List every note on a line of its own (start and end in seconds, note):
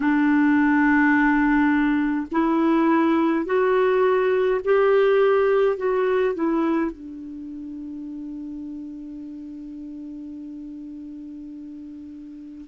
0.00 2.26 D4
2.31 3.45 E4
3.45 4.60 F#4
4.64 5.76 G4
5.76 6.34 F#4
6.34 6.91 E4
6.91 12.67 D4